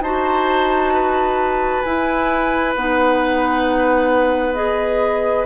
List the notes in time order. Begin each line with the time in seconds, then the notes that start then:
0.00 D#4 F#4 C5 A5
0.93 B4
1.82 E4 G#5
2.75 B3 D#4 F#5
4.54 G#4 D#5